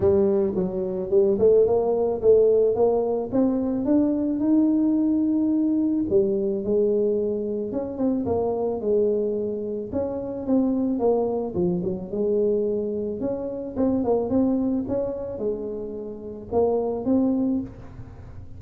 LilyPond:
\new Staff \with { instrumentName = "tuba" } { \time 4/4 \tempo 4 = 109 g4 fis4 g8 a8 ais4 | a4 ais4 c'4 d'4 | dis'2. g4 | gis2 cis'8 c'8 ais4 |
gis2 cis'4 c'4 | ais4 f8 fis8 gis2 | cis'4 c'8 ais8 c'4 cis'4 | gis2 ais4 c'4 | }